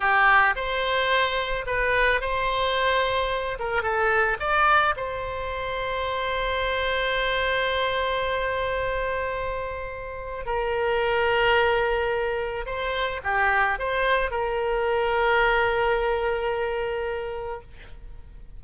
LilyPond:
\new Staff \with { instrumentName = "oboe" } { \time 4/4 \tempo 4 = 109 g'4 c''2 b'4 | c''2~ c''8 ais'8 a'4 | d''4 c''2.~ | c''1~ |
c''2. ais'4~ | ais'2. c''4 | g'4 c''4 ais'2~ | ais'1 | }